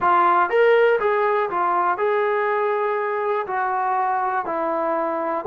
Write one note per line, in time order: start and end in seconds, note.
0.00 0.49 F4
0.49 0.99 A#4
0.99 1.49 G#4
1.50 1.97 F4
1.97 3.46 G#4
3.46 4.45 F#4
4.45 5.45 E4